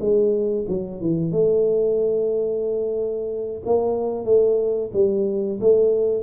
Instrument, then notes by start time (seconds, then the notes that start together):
tuba
0.00 G#3
0.68 F#3
1.01 E3
1.32 A3
3.66 A#3
4.25 A3
4.94 G3
5.61 A3